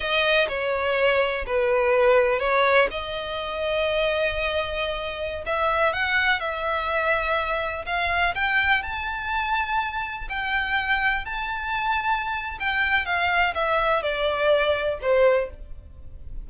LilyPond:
\new Staff \with { instrumentName = "violin" } { \time 4/4 \tempo 4 = 124 dis''4 cis''2 b'4~ | b'4 cis''4 dis''2~ | dis''2.~ dis''16 e''8.~ | e''16 fis''4 e''2~ e''8.~ |
e''16 f''4 g''4 a''4.~ a''16~ | a''4~ a''16 g''2 a''8.~ | a''2 g''4 f''4 | e''4 d''2 c''4 | }